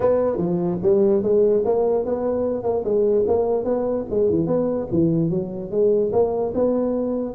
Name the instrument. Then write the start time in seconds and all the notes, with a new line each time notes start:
tuba
0.00 B3
0.37 F3
0.82 G3
1.22 G#3
1.65 A#3
2.05 B3
2.63 A#3
2.84 G#3
3.27 A#3
3.64 B3
4.10 G#3
4.29 E3
4.46 B3
4.91 E3
5.29 F#3
5.71 G#3
6.12 A#3
6.54 B3